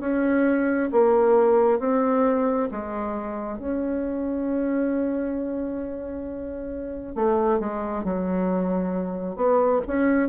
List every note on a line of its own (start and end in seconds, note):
0.00 0.90 C#4
0.92 1.79 A#3
1.79 2.69 C4
2.71 3.59 G#3
3.59 7.15 C#4
7.15 7.60 A3
7.60 8.04 G#3
8.04 9.36 F#3
9.36 9.81 B3
9.87 10.29 C#4